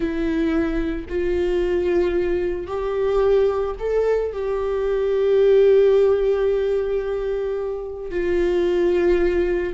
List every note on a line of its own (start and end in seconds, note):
0.00 1.05 E4
1.08 2.67 F4
2.67 3.75 G4
3.79 4.32 A4
4.32 8.11 G4
8.11 9.73 F4